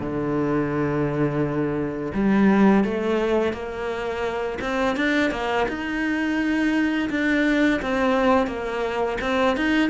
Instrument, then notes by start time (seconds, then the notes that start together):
cello
0.00 D3
2.13 G3
2.84 A3
3.53 A#3
4.61 C4
4.96 D4
5.31 A#3
5.68 D#4
7.10 D4
7.82 C4
8.47 A#3
9.21 C4
9.56 D#4